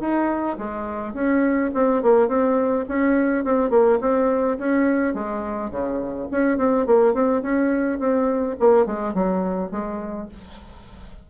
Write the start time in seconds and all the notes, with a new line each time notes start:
0.00 D#4
0.58 G#3
1.14 C#4
1.74 C4
2.02 A#3
2.28 C4
2.88 C#4
3.44 C4
3.70 A#3
4.01 C4
4.58 C#4
5.14 G#3
5.70 C#3
6.31 C#4
6.58 C4
6.86 A#3
7.14 C4
7.42 C#4
7.99 C4
8.59 A#3
8.86 G#3
9.14 F#3
9.71 G#3